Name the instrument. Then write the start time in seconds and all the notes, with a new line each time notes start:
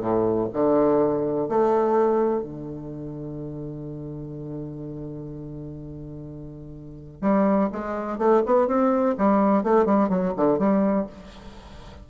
bassoon
0.00 A2
0.53 D3
1.48 A3
2.42 D3
7.21 G3
7.72 G#3
8.18 A3
8.46 B3
8.67 C4
9.18 G3
9.63 A3
9.85 G3
10.09 F#3
10.37 D3
10.58 G3